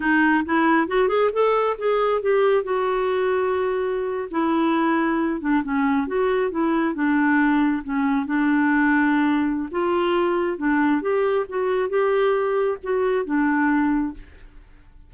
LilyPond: \new Staff \with { instrumentName = "clarinet" } { \time 4/4 \tempo 4 = 136 dis'4 e'4 fis'8 gis'8 a'4 | gis'4 g'4 fis'2~ | fis'4.~ fis'16 e'2~ e'16~ | e'16 d'8 cis'4 fis'4 e'4 d'16~ |
d'4.~ d'16 cis'4 d'4~ d'16~ | d'2 f'2 | d'4 g'4 fis'4 g'4~ | g'4 fis'4 d'2 | }